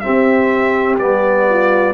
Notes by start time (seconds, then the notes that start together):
0.00 C4 G4 E5
0.07 C4
0.99 G3 B3 D5
1.49 F4